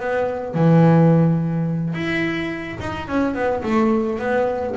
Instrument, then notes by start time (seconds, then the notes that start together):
double bass
0.00 B3
0.55 E3
1.94 E4
2.81 D#4
3.08 C#4
3.35 B3
3.63 A3
4.20 B3